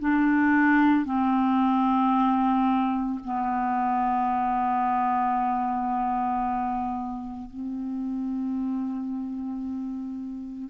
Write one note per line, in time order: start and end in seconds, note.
0.00 1.06 D4
1.06 3.20 C4
3.25 7.50 B3
7.50 10.70 C4